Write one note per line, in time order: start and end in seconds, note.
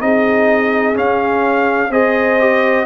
0.00 0.96 C4
0.00 0.95 D#4
0.00 1.91 G#4
0.00 0.96 D#5
0.95 1.90 C#4
0.95 1.92 F5
1.90 2.86 C4
1.90 2.39 G#4
1.90 2.86 C5
1.90 2.86 D#5
2.39 2.86 G4